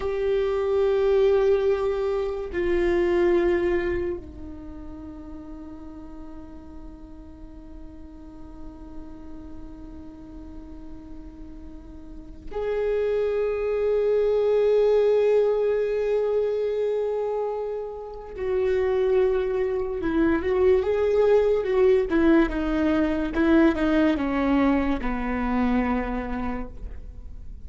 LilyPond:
\new Staff \with { instrumentName = "viola" } { \time 4/4 \tempo 4 = 72 g'2. f'4~ | f'4 dis'2.~ | dis'1~ | dis'2. gis'4~ |
gis'1~ | gis'2 fis'2 | e'8 fis'8 gis'4 fis'8 e'8 dis'4 | e'8 dis'8 cis'4 b2 | }